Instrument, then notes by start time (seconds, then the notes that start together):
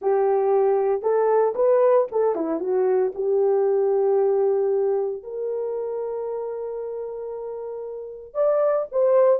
horn
0.01 G4
1.02 A4
1.55 B4
2.11 A4
2.35 E4
2.60 F#4
3.14 G4
5.23 A#4
8.34 D5
8.91 C5